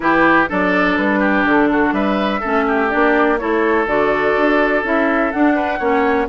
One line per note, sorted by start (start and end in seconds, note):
0.00 0.47 E3
0.00 0.47 E4
0.00 0.49 G4
0.00 0.47 B4
0.48 0.97 F#3
0.48 2.42 D4
0.48 1.19 A4
0.48 0.97 D5
0.97 1.44 G3
0.97 1.45 B4
1.19 1.68 G4
1.44 1.92 D3
1.44 1.93 A4
1.72 1.94 F#4
1.92 2.40 G3
1.92 2.40 B4
1.92 2.89 E5
2.40 2.93 A3
2.40 2.89 C#4
2.40 2.64 A4
2.67 3.40 G4
2.89 3.42 A#3
2.89 3.38 D4
2.89 3.37 D5
3.38 3.86 A3
3.38 3.87 E4
3.38 5.55 A4
3.38 3.86 C#5
3.86 4.35 D3
3.86 4.83 F#4
3.86 4.84 D5
4.36 4.83 D4
4.83 5.32 C#4
4.83 5.32 E4
4.83 5.31 E5
5.31 5.79 D4
5.31 5.80 D4
5.31 6.28 F#5
5.55 5.78 B4
5.78 6.28 A#3
5.78 6.27 C#4
5.78 6.27 C#5